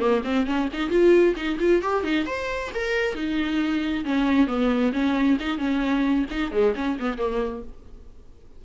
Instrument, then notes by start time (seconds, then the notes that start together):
viola
0.00 A#3
0.25 C4
0.47 C#4
0.73 D#4
0.90 F4
1.36 D#4
1.60 F4
1.82 G4
2.04 D#4
2.27 C5
2.75 A#4
3.15 D#4
4.05 C#4
4.48 B3
4.93 C#4
5.40 D#4
5.58 C#4
6.31 D#4
6.52 G#3
6.76 C#4
7.00 B3
7.18 A#3